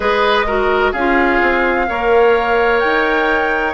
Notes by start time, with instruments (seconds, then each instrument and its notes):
0.00 bassoon G#3, clarinet G#4, oboe B4, flute D#5
0.46 clarinet F#4, oboe A#4
0.91 bassoon C#4, oboe G#4, flute F5
0.98 clarinet F4
1.41 bassoon C4
1.88 bassoon A#3, clarinet A#4, oboe C#5
2.79 bassoon D#4, flute G5